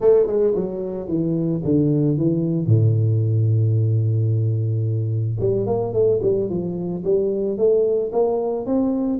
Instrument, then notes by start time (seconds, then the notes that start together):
tuba
0.00 A3
0.27 G#3
0.55 F#3
1.07 E3
1.64 D3
2.17 E3
2.66 A2
5.40 G3
5.66 A#3
5.93 A3
6.22 G3
6.49 F3
7.04 G3
7.57 A3
8.12 A#3
8.65 C4